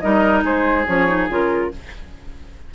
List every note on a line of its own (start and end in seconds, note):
0.00 0.44 G3
0.00 0.85 D#4
0.00 0.44 A#4
0.00 0.42 D#5
0.44 0.86 G#3
0.44 1.70 G#4
0.44 0.87 C5
0.87 1.29 F3
0.87 1.07 C#4
0.87 1.29 C#5
1.07 1.28 D#4
1.29 1.71 C#3
1.29 1.71 F4
1.29 1.74 A#4